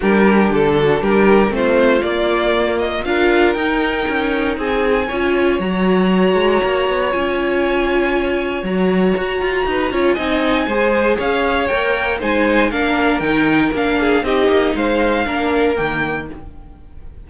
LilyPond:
<<
  \new Staff \with { instrumentName = "violin" } { \time 4/4 \tempo 4 = 118 ais'4 a'4 ais'4 c''4 | d''4. dis''8 f''4 g''4~ | g''4 gis''2 ais''4~ | ais''2 gis''2~ |
gis''4 ais''2. | gis''2 f''4 g''4 | gis''4 f''4 g''4 f''4 | dis''4 f''2 g''4 | }
  \new Staff \with { instrumentName = "violin" } { \time 4/4 g'4. fis'8 g'4 f'4~ | f'2 ais'2~ | ais'4 gis'4 cis''2~ | cis''1~ |
cis''2. b'8 cis''8 | dis''4 c''4 cis''2 | c''4 ais'2~ ais'8 gis'8 | g'4 c''4 ais'2 | }
  \new Staff \with { instrumentName = "viola" } { \time 4/4 d'2. c'4 | ais2 f'4 dis'4~ | dis'2 f'4 fis'4~ | fis'2 f'2~ |
f'4 fis'2~ fis'8 f'8 | dis'4 gis'2 ais'4 | dis'4 d'4 dis'4 d'4 | dis'2 d'4 ais4 | }
  \new Staff \with { instrumentName = "cello" } { \time 4/4 g4 d4 g4 a4 | ais2 d'4 dis'4 | cis'4 c'4 cis'4 fis4~ | fis8 gis8 ais8 b8 cis'2~ |
cis'4 fis4 fis'8 f'8 dis'8 cis'8 | c'4 gis4 cis'4 ais4 | gis4 ais4 dis4 ais4 | c'8 ais8 gis4 ais4 dis4 | }
>>